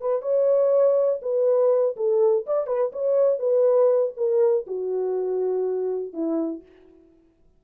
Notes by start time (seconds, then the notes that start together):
0.00 B4
0.22 C#5
1.22 B4
1.96 A4
2.46 D5
2.67 B4
2.92 C#5
3.39 B4
4.16 A#4
4.67 F#4
6.13 E4